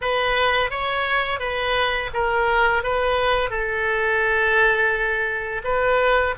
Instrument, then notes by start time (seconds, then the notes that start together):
oboe
0.01 B4
0.70 C#5
1.39 B4
2.13 A#4
2.83 B4
3.50 A4
5.64 B4